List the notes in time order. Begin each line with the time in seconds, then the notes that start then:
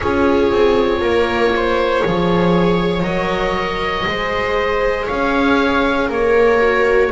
0.00 C#4 F4 G#4 C#5
0.51 C4
1.00 A#3 A#4
1.56 C5
2.03 F3 G#4 C#5
3.02 F#3 A#4 D#5
4.06 G#3 G#4 C5
5.05 C#4 C#5 F5
6.07 A#3 A#4 C#5
6.60 F#4